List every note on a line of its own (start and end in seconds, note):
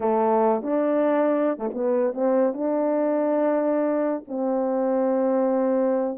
0.00 0.62 A3
0.62 1.58 D4
1.58 1.69 A3
1.74 2.13 B3
2.13 2.53 C4
2.53 4.23 D4
4.27 6.18 C4